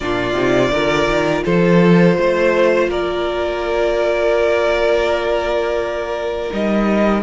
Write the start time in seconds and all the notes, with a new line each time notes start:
0.00 A#2 D4 F4 D5
0.33 C3 D#4
0.71 D3 F4 A#4
1.07 D#3
1.44 F3 A4 C5
2.17 A3 C5
2.88 A#3 A#4 D5
6.50 G3 D#4 D#5